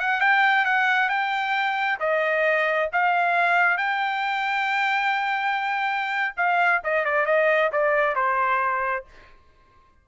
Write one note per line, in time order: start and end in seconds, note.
0.00 0.21 F#5
0.21 0.65 G5
0.65 1.09 F#5
1.09 1.99 G5
2.00 2.90 D#5
2.93 3.78 F5
3.78 6.35 G5
6.37 6.82 F5
6.84 7.05 D#5
7.05 7.26 D5
7.26 7.71 D#5
7.72 8.16 D5
8.16 9.05 C5